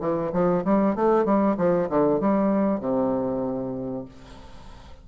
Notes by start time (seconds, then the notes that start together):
0.00 E3
0.33 F3
0.64 G3
0.95 A3
1.25 G3
1.57 F3
1.89 D3
2.20 G3
2.80 C3